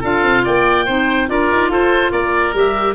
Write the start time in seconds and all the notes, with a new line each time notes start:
0.00 D4 F4 A4 F5
0.23 C4
0.44 A#3 D5 G5
0.85 C4 D#4 C5
1.27 D4 F4 A#4 D5
1.51 D#4
1.69 F4 A4 C5
2.11 A#3 A#4 D5
2.53 G3 G4 E5